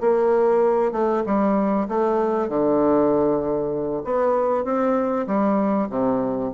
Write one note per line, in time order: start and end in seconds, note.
0.00 0.92 A#3
0.92 1.23 A3
1.26 1.88 G3
1.88 2.49 A3
2.49 4.03 D3
4.04 4.64 B3
4.64 5.26 C4
5.27 5.88 G3
5.90 6.51 C3